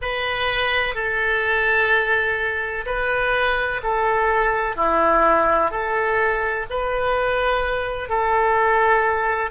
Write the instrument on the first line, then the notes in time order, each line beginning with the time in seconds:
oboe
0.01 B4
0.94 A4
2.86 B4
3.83 A4
4.76 E4
5.71 A4
6.69 B4
8.09 A4